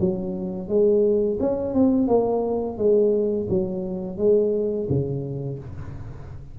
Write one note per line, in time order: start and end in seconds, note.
0.00 0.68 F#3
0.68 1.38 G#3
1.40 1.74 C#4
1.74 2.08 C4
2.08 2.77 A#3
2.77 3.47 G#3
3.49 4.18 F#3
4.18 4.87 G#3
4.89 5.59 C#3